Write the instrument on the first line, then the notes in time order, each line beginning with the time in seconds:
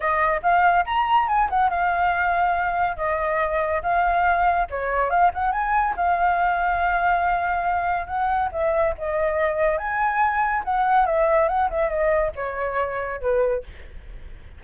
flute
0.00 D#5
0.42 F5
0.85 A#5
1.28 G#5
1.49 F#5
1.70 F5
2.97 D#5
3.82 F5
4.69 C#5
5.09 F5
5.34 F#5
5.52 G#5
5.96 F5
8.06 F#5
8.51 E5
8.98 D#5
9.77 G#5
10.64 F#5
11.05 E5
11.48 F#5
11.70 E5
11.89 D#5
12.35 C#5
13.21 B4